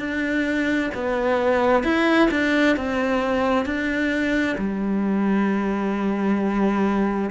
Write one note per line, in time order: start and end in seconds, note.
0.00 0.91 D4
0.95 1.84 B3
1.84 2.29 E4
2.31 2.77 D4
2.77 3.66 C4
3.66 4.57 D4
4.58 7.31 G3